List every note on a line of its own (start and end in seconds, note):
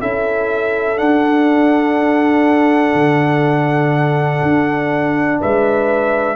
0.00 0.99 C#4
0.00 0.96 E4
0.00 5.40 A4
0.00 0.98 E5
0.96 6.36 D4
0.96 2.94 D4
0.96 5.40 F#5
2.94 4.41 D3
4.42 5.40 D4
5.40 6.36 G#3
5.40 6.36 B4
5.40 6.36 E5